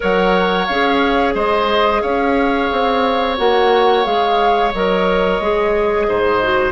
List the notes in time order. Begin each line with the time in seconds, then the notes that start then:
0.00 F#3 A#4 C#5 F#5
0.66 C#4 G#4 F5
1.34 G#3 C5 D#5
2.01 C#4 C#5 F5
2.71 C4
3.37 A#3 F#4 F#5
4.04 G#3 G#4 F5
4.73 F#3 A#4 D#5
5.40 G#3 G#4
6.08 G#2 C5
6.43 F#4